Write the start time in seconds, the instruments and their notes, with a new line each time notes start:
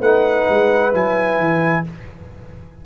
0.00 tuba A3, trombone D#4, horn B4, trumpet F#5
0.49 tuba G#3
0.93 tuba F#3, trombone E4, trumpet G#5
1.38 tuba E3